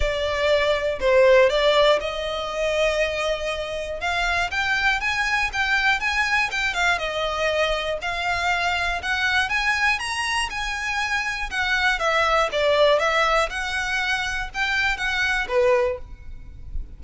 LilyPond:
\new Staff \with { instrumentName = "violin" } { \time 4/4 \tempo 4 = 120 d''2 c''4 d''4 | dis''1 | f''4 g''4 gis''4 g''4 | gis''4 g''8 f''8 dis''2 |
f''2 fis''4 gis''4 | ais''4 gis''2 fis''4 | e''4 d''4 e''4 fis''4~ | fis''4 g''4 fis''4 b'4 | }